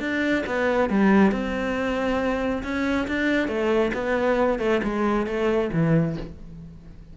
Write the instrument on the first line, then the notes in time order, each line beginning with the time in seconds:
cello
0.00 D4
0.46 B3
0.89 G3
1.31 C4
2.63 C#4
3.07 D4
3.48 A3
3.94 B3
4.59 A3
4.83 G#3
5.26 A3
5.73 E3